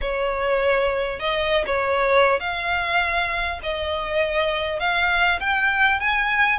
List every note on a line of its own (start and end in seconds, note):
0.01 1.19 C#5
1.19 1.64 D#5
1.66 2.40 C#5
2.40 3.60 F5
3.62 4.79 D#5
4.79 5.39 F5
5.40 6.00 G5
6.00 6.58 G#5